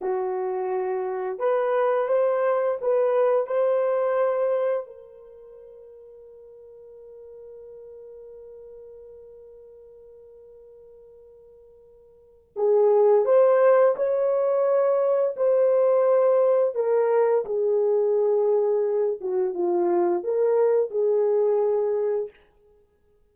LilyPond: \new Staff \with { instrumentName = "horn" } { \time 4/4 \tempo 4 = 86 fis'2 b'4 c''4 | b'4 c''2 ais'4~ | ais'1~ | ais'1~ |
ais'2 gis'4 c''4 | cis''2 c''2 | ais'4 gis'2~ gis'8 fis'8 | f'4 ais'4 gis'2 | }